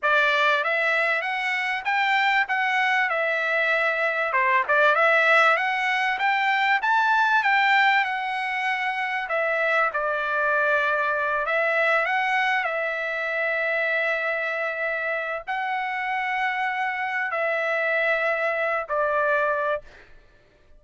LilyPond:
\new Staff \with { instrumentName = "trumpet" } { \time 4/4 \tempo 4 = 97 d''4 e''4 fis''4 g''4 | fis''4 e''2 c''8 d''8 | e''4 fis''4 g''4 a''4 | g''4 fis''2 e''4 |
d''2~ d''8 e''4 fis''8~ | fis''8 e''2.~ e''8~ | e''4 fis''2. | e''2~ e''8 d''4. | }